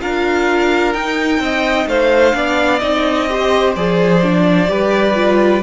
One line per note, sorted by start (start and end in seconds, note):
0.00 0.94 D4
0.00 0.94 F4
0.00 1.42 A#4
0.00 0.93 F5
0.93 1.39 D#4
0.93 2.32 D#4
0.93 1.87 G5
1.39 1.86 C4
1.39 1.88 D#5
1.86 2.33 A3
1.86 2.35 C5
1.86 2.79 F5
2.32 2.81 B3
2.32 2.79 D4
2.32 3.29 D5
2.79 3.75 C4
2.79 3.28 D#4
2.79 3.72 D#5
3.28 3.75 G4
3.28 4.70 C5
3.76 4.69 F3
3.76 4.23 G#4
3.76 5.63 D5
4.23 4.67 D4
4.67 5.63 G3
4.67 5.14 G4
4.67 5.63 B4
5.14 5.61 F4